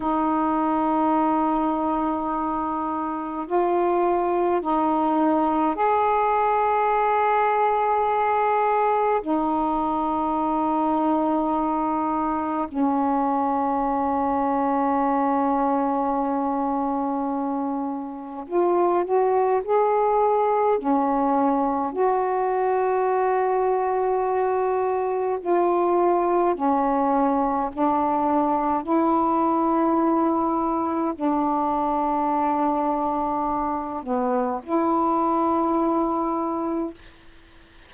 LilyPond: \new Staff \with { instrumentName = "saxophone" } { \time 4/4 \tempo 4 = 52 dis'2. f'4 | dis'4 gis'2. | dis'2. cis'4~ | cis'1 |
f'8 fis'8 gis'4 cis'4 fis'4~ | fis'2 f'4 cis'4 | d'4 e'2 d'4~ | d'4. b8 e'2 | }